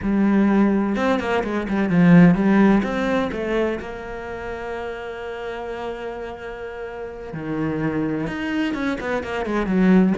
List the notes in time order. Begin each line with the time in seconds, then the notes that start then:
0.02 G3
0.96 C4
1.19 A#3
1.43 G#3
1.68 G3
1.89 F3
2.34 G3
2.83 C4
3.32 A3
3.79 A#3
7.33 D#3
8.27 D#4
8.73 C#4
9.00 B3
9.23 A#3
9.45 G#3
9.66 F#3